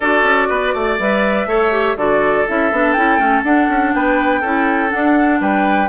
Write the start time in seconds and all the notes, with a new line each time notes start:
0.00 D4 F#4 A4 D5
0.23 C#4
0.49 B3 B4
0.73 A3 D5
0.99 G3 B4 E5
1.45 A3 A4 C#5
1.72 G4
1.96 D3 F#4 A4 D5
2.47 C#4 E4 E5
2.71 B3 D4
2.92 C#4 E4 G5
3.17 A3 C#4
3.43 D4 F#5
3.68 C#4
3.93 B3 B4 G5
4.40 C#4 E4 A4
4.89 D4 F#5
5.40 G3 B4 G5